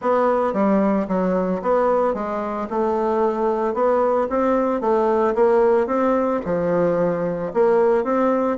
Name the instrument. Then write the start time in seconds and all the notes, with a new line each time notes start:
bassoon
0.01 B3
0.53 G3
1.08 F#3
1.61 B3
2.14 G#3
2.69 A3
3.74 B3
4.29 C4
4.80 A3
5.34 A#3
5.87 C4
6.45 F3
7.53 A#3
8.04 C4